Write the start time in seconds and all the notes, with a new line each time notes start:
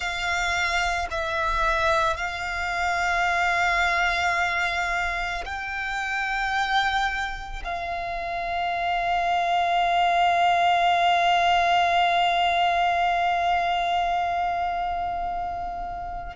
0.00 F5
1.11 E5
2.17 F5
5.45 G5
7.64 F5